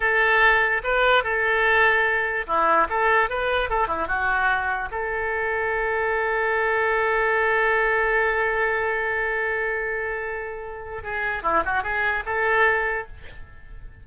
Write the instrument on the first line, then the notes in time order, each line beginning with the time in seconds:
oboe
0.00 A4
0.83 B4
1.23 A4
2.46 E4
2.89 A4
3.29 B4
3.69 A4
3.87 E4
4.07 F#4
4.91 A4
11.03 G#4
11.42 E4
11.65 F#4
11.83 G#4
12.25 A4